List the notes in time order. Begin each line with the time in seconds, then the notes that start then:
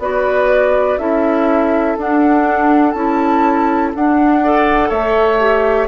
0.00 B3 F#4 B4 D5
0.99 C#4 E4 A4 E5
1.98 D4 F#5
2.92 C#4 E4 A5
3.95 D4 F#5
4.43 A4 D5
4.89 A3 C#5 E5
5.40 G4